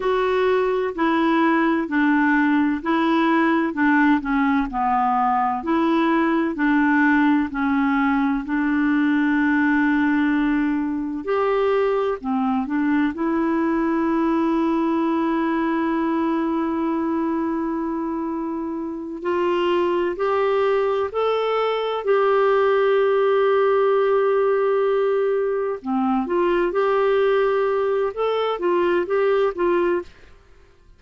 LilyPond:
\new Staff \with { instrumentName = "clarinet" } { \time 4/4 \tempo 4 = 64 fis'4 e'4 d'4 e'4 | d'8 cis'8 b4 e'4 d'4 | cis'4 d'2. | g'4 c'8 d'8 e'2~ |
e'1~ | e'8 f'4 g'4 a'4 g'8~ | g'2.~ g'8 c'8 | f'8 g'4. a'8 f'8 g'8 f'8 | }